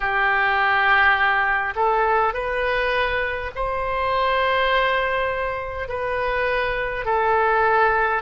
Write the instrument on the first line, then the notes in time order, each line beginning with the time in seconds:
oboe
0.00 G4
1.75 A4
2.33 B4
3.55 C5
5.88 B4
7.05 A4